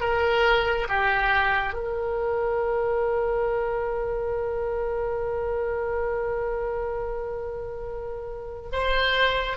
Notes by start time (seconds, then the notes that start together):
0.00 A#4
0.88 G4
1.73 A#4
8.72 C5